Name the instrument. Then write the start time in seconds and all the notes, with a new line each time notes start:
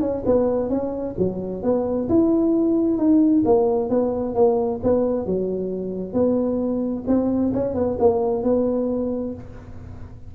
tuba
0.00 C#4
0.25 B3
0.69 C#4
1.18 F#3
1.63 B3
2.08 E4
2.97 D#4
3.45 A#3
3.89 B3
4.35 A#3
4.83 B3
5.26 F#3
6.13 B3
7.07 C4
7.53 C#4
7.74 B3
7.99 A#3
8.43 B3